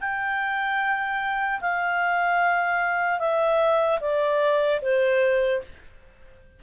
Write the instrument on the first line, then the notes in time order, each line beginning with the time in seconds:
clarinet
0.00 G5
1.60 F5
3.19 E5
4.00 D5
4.81 C5